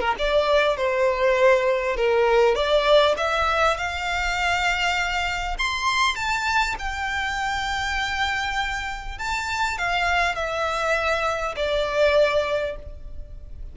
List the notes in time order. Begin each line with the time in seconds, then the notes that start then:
0.00 A#4
0.18 D5
0.77 C5
1.96 A#4
2.55 D5
3.17 E5
3.77 F5
5.58 C6
6.16 A5
6.79 G5
9.18 A5
9.78 F5
10.35 E5
11.56 D5